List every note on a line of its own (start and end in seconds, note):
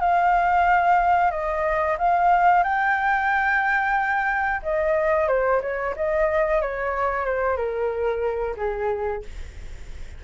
0.00 1.31 F5
1.31 1.97 D#5
1.98 2.63 F5
2.63 4.61 G5
4.62 5.28 D#5
5.28 5.61 C5
5.61 5.94 C#5
5.96 6.61 D#5
6.61 7.25 C#5
7.25 7.56 C5
7.56 8.55 A#4
8.57 9.22 G#4